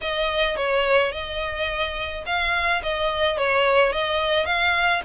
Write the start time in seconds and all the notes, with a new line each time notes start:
0.01 D#5
0.56 C#5
1.12 D#5
2.26 F5
2.82 D#5
3.37 C#5
3.92 D#5
4.45 F5